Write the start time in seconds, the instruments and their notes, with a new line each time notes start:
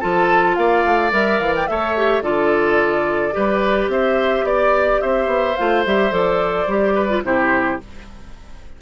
0.00 bassoon F3, clarinet F4, oboe A4, flute A5
0.55 bassoon A#3, oboe D5, flute F5
0.84 bassoon A3
1.11 bassoon G3, clarinet A#4, flute E5
1.39 bassoon E3, flute F5
1.55 flute G5
1.67 bassoon A3, clarinet A4, oboe C#5, flute E5
1.96 clarinet G4
2.21 bassoon D3, clarinet F4, oboe A4, flute D5
3.32 bassoon G3, clarinet G4, oboe B4
3.88 bassoon C4, oboe C5, flute E5
4.43 bassoon B3, flute D5, oboe D5
5.01 bassoon C4, oboe C5, flute E5
5.26 bassoon B3
5.56 bassoon A3, clarinet F4, flute F5
5.86 bassoon G3, clarinet G4, flute E5
6.11 bassoon F3, clarinet A4, flute D5
6.67 bassoon G3, clarinet G4
6.94 oboe B4
7.09 clarinet F4
7.23 bassoon C3, clarinet E4, oboe G4, flute C5